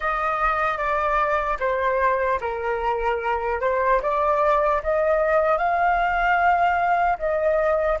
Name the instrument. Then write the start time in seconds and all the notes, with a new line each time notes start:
flute
0.00 D#5
0.77 D5
1.59 C5
2.40 A#4
3.60 C5
4.01 D5
4.83 D#5
5.57 F5
7.18 D#5